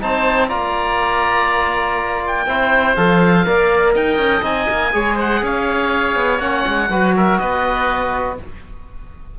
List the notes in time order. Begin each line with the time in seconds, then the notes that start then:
0.00 C4 D#4 C5 A5
0.48 A#3 F4 D5 A#5
2.27 G5
2.46 C4 E4 C5
2.96 F3 A4 F5
3.45 A#3 A#4 D5
3.93 D#4 D#5 G5
4.17 C#4
4.41 C4 D#4 G#5
4.69 A#3
4.92 G#3 G#4 C#5
5.15 C5 F#5
5.42 C#4 C#5 F5
6.16 B3
6.39 A#3 C#4 F#5
6.67 G#3
6.89 F#3 F#4 B4
7.16 A#4 E5
7.38 B3 B4 D#5